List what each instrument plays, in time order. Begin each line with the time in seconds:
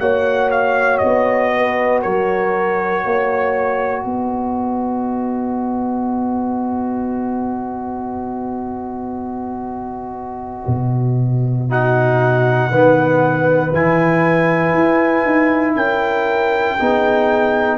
0.00 tuba A#3, trombone F#4, horn C#5, trumpet F#5
0.51 trumpet F5
0.98 trumpet D#5
1.04 tuba B3
1.56 horn B4
2.03 tuba F#3, horn A#4, trumpet C#5
3.05 tuba A#3, horn C#5
4.04 tuba B3, horn B4, trumpet D#5
10.67 tuba B2
11.69 trombone D#4, horn F#4, trumpet F#5
12.70 tuba D#3, trombone B3, horn B4
13.73 tuba E3, trombone E4, trumpet G#5
14.74 tuba E4
15.25 tuba D#4
15.75 tuba C#4, horn A#4, trumpet G5
16.80 tuba B3, trombone D#4, horn G#4